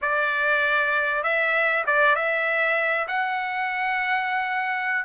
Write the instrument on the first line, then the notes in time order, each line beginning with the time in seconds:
trumpet
0.01 D5
1.23 E5
1.86 D5
2.15 E5
3.08 F#5